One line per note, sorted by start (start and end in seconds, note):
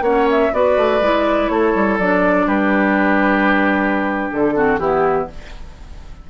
0.00 0.49 A#3
0.00 0.52 C#4
0.00 0.51 C#5
0.00 0.27 F#5
0.30 0.53 E5
0.52 0.77 B3
0.52 1.01 F#4
0.52 1.52 B4
0.52 1.48 D5
0.77 1.00 A3
1.00 1.49 G#3
1.00 2.00 E4
1.48 1.73 A3
1.48 2.46 A4
1.48 1.97 C#5
1.74 1.98 G3
1.98 2.46 F#3
1.98 4.54 D4
1.98 2.47 D5
2.46 4.29 G3
2.46 4.53 G4
2.46 4.30 B4
4.32 4.78 D3
4.32 4.78 A4
4.54 4.79 C4
4.54 4.79 F#4
4.78 5.27 E3
4.78 5.29 B3
4.78 5.28 E4
4.78 5.27 G4